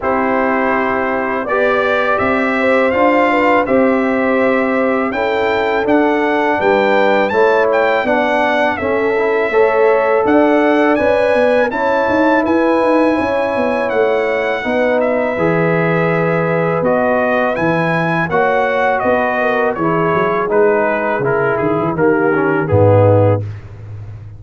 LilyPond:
<<
  \new Staff \with { instrumentName = "trumpet" } { \time 4/4 \tempo 4 = 82 c''2 d''4 e''4 | f''4 e''2 g''4 | fis''4 g''4 a''8 g''8 fis''4 | e''2 fis''4 gis''4 |
a''4 gis''2 fis''4~ | fis''8 e''2~ e''8 dis''4 | gis''4 fis''4 dis''4 cis''4 | b'4 ais'8 gis'8 ais'4 gis'4 | }
  \new Staff \with { instrumentName = "horn" } { \time 4/4 g'2 d''4. c''8~ | c''8 b'8 c''2 a'4~ | a'4 b'4 cis''4 d''4 | a'4 cis''4 d''2 |
cis''4 b'4 cis''2 | b'1~ | b'4 cis''4 b'8 ais'8 gis'4~ | gis'2 g'4 dis'4 | }
  \new Staff \with { instrumentName = "trombone" } { \time 4/4 e'2 g'2 | f'4 g'2 e'4 | d'2 e'4 d'4 | cis'8 e'8 a'2 b'4 |
e'1 | dis'4 gis'2 fis'4 | e'4 fis'2 e'4 | dis'4 e'4 ais8 cis'8 b4 | }
  \new Staff \with { instrumentName = "tuba" } { \time 4/4 c'2 b4 c'4 | d'4 c'2 cis'4 | d'4 g4 a4 b4 | cis'4 a4 d'4 cis'8 b8 |
cis'8 dis'8 e'8 dis'8 cis'8 b8 a4 | b4 e2 b4 | e4 ais4 b4 e8 fis8 | gis4 cis8 dis16 e16 dis4 gis,4 | }
>>